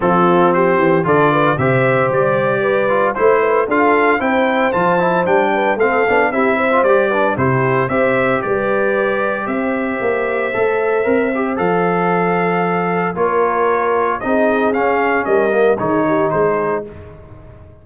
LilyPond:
<<
  \new Staff \with { instrumentName = "trumpet" } { \time 4/4 \tempo 4 = 114 a'4 c''4 d''4 e''4 | d''2 c''4 f''4 | g''4 a''4 g''4 f''4 | e''4 d''4 c''4 e''4 |
d''2 e''2~ | e''2 f''2~ | f''4 cis''2 dis''4 | f''4 dis''4 cis''4 c''4 | }
  \new Staff \with { instrumentName = "horn" } { \time 4/4 f'4 g'4 a'8 b'8 c''4~ | c''4 b'4 c''8 b'8 a'4 | c''2~ c''8 b'8 a'4 | g'8 c''4 b'8 g'4 c''4 |
b'2 c''2~ | c''1~ | c''4 ais'2 gis'4~ | gis'4 ais'4 gis'8 g'8 gis'4 | }
  \new Staff \with { instrumentName = "trombone" } { \time 4/4 c'2 f'4 g'4~ | g'4. f'8 e'4 f'4 | e'4 f'8 e'8 d'4 c'8 d'8 | e'8. f'16 g'8 d'8 e'4 g'4~ |
g'1 | a'4 ais'8 g'8 a'2~ | a'4 f'2 dis'4 | cis'4. ais8 dis'2 | }
  \new Staff \with { instrumentName = "tuba" } { \time 4/4 f4. e8 d4 c4 | g2 a4 d'4 | c'4 f4 g4 a8 b8 | c'4 g4 c4 c'4 |
g2 c'4 ais4 | a4 c'4 f2~ | f4 ais2 c'4 | cis'4 g4 dis4 gis4 | }
>>